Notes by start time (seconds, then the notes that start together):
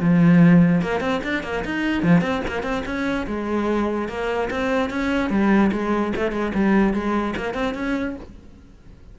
0.00 F3
0.81 A#3
1.00 C4
1.23 D4
1.43 A#3
1.65 D#4
2.03 F3
2.21 C4
2.47 A#3
2.63 C4
2.85 C#4
3.27 G#3
4.08 A#3
4.50 C4
4.90 C#4
5.30 G3
5.72 G#3
6.16 A3
6.32 G#3
6.54 G3
6.94 G#3
7.36 A#3
7.54 C4
7.74 C#4